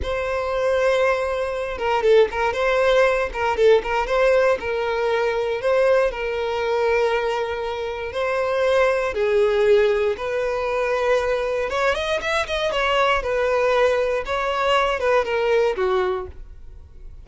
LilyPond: \new Staff \with { instrumentName = "violin" } { \time 4/4 \tempo 4 = 118 c''2.~ c''8 ais'8 | a'8 ais'8 c''4. ais'8 a'8 ais'8 | c''4 ais'2 c''4 | ais'1 |
c''2 gis'2 | b'2. cis''8 dis''8 | e''8 dis''8 cis''4 b'2 | cis''4. b'8 ais'4 fis'4 | }